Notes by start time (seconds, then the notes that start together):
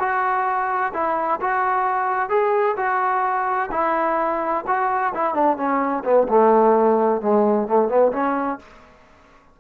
0.00 F#4
0.94 E4
1.41 F#4
2.30 G#4
2.77 F#4
3.72 E4
4.67 F#4
5.15 E4
5.35 D4
5.58 C#4
6.04 B3
6.29 A3
7.22 G#3
7.68 A3
7.89 B3
8.13 C#4